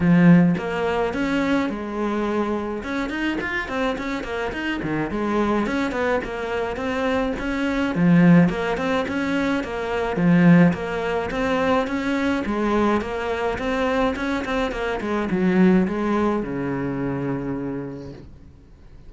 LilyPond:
\new Staff \with { instrumentName = "cello" } { \time 4/4 \tempo 4 = 106 f4 ais4 cis'4 gis4~ | gis4 cis'8 dis'8 f'8 c'8 cis'8 ais8 | dis'8 dis8 gis4 cis'8 b8 ais4 | c'4 cis'4 f4 ais8 c'8 |
cis'4 ais4 f4 ais4 | c'4 cis'4 gis4 ais4 | c'4 cis'8 c'8 ais8 gis8 fis4 | gis4 cis2. | }